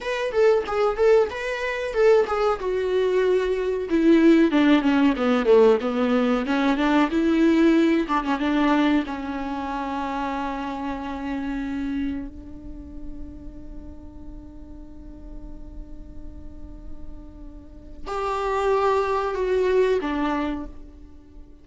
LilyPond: \new Staff \with { instrumentName = "viola" } { \time 4/4 \tempo 4 = 93 b'8 a'8 gis'8 a'8 b'4 a'8 gis'8 | fis'2 e'4 d'8 cis'8 | b8 a8 b4 cis'8 d'8 e'4~ | e'8 d'16 cis'16 d'4 cis'2~ |
cis'2. d'4~ | d'1~ | d'1 | g'2 fis'4 d'4 | }